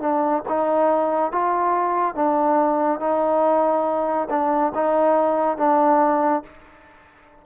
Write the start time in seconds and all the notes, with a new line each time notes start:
0.00 D4
0.48 D#4
1.32 F4
2.15 D4
3.00 D#4
4.29 D4
4.75 D#4
5.57 D4